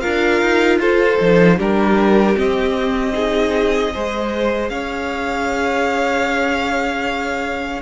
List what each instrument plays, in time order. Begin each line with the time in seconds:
0.00 cello D4, viola F4, violin A#4 F5
0.41 cello D#4
0.78 cello F4, violin A4 C5
1.20 cello F3, viola D#4
1.57 cello G3, viola D4, violin G4 A#4
2.35 viola C4, cello C4, violin D#5
3.13 viola D#4, violin G#4
3.93 cello G#3, viola G#4, violin C5
4.69 cello C#4, violin C#5 F5